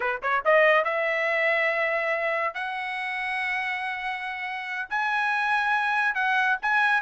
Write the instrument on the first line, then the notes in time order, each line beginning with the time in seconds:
trumpet
0.00 B4
0.22 C#5
0.44 D#5
0.84 E5
2.54 F#5
4.89 G#5
6.14 F#5
6.62 G#5